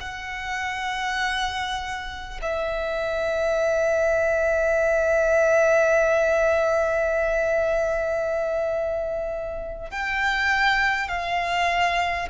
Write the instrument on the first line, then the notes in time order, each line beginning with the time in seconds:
violin
0.00 F#5
2.42 E5
9.91 G5
11.08 F5